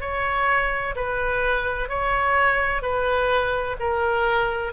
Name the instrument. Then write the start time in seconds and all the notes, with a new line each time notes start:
oboe
0.00 C#5
0.95 B4
1.88 C#5
2.82 B4
3.79 A#4